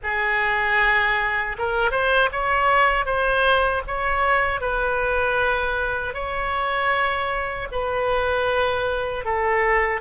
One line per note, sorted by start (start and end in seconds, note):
0.03 1.57 G#4
1.58 1.91 A#4
1.91 2.29 C5
2.31 3.05 C#5
3.05 3.82 C5
3.87 4.60 C#5
4.60 6.14 B4
6.14 7.67 C#5
7.71 9.24 B4
9.24 10.00 A4